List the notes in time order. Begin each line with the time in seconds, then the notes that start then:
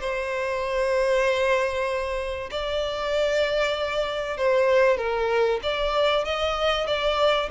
0.00 C5
2.51 D5
4.37 C5
4.97 A#4
5.63 D5
6.24 D#5
6.87 D5